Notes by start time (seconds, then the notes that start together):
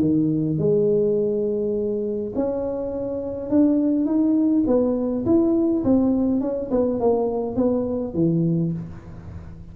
0.00 D#3
0.58 G#3
2.35 C#4
3.50 D4
4.05 D#4
4.67 B3
5.25 E4
5.84 C4
6.41 C#4
6.70 B3
7.00 A#3
7.56 B3
8.14 E3